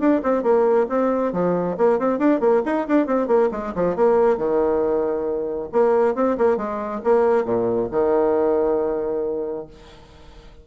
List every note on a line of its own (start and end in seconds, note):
0.00 0.22 D4
0.23 0.43 C4
0.43 0.87 A#3
0.89 1.33 C4
1.33 1.77 F3
1.78 1.99 A#3
1.99 2.19 C4
2.19 2.41 D4
2.41 2.63 A#3
2.66 2.88 D#4
2.88 3.07 D4
3.07 3.28 C4
3.28 3.50 A#3
3.52 3.74 G#3
3.75 3.96 F3
3.96 4.38 A#3
4.38 5.69 D#3
5.73 6.16 A#3
6.16 6.37 C4
6.38 6.58 A#3
6.58 7.01 G#3
7.04 7.45 A#3
7.45 7.89 A#2
7.92 9.67 D#3